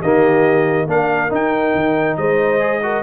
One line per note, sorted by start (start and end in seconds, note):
0.00 0.86 D#3
0.00 0.87 A#3
0.00 0.86 G4
0.00 0.88 D#5
0.86 1.30 A#3
0.86 1.29 D4
0.86 2.17 A#4
0.86 1.33 F5
1.29 2.59 D#4
1.29 1.74 D#4
1.29 2.16 G5
1.74 2.17 D#3
2.16 3.02 G#3
2.16 2.82 C5
2.16 3.02 D#5
2.59 2.80 G#4
2.83 3.02 F#4
2.83 3.02 A#4